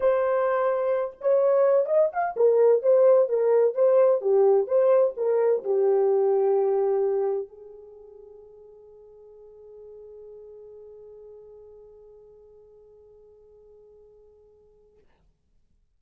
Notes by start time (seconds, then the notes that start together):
0.00 C5
1.20 C#5
1.85 D#5
2.12 F5
2.36 A#4
2.82 C5
3.28 A#4
3.74 C5
4.21 G4
4.67 C5
5.16 A#4
5.64 G4
7.47 G#4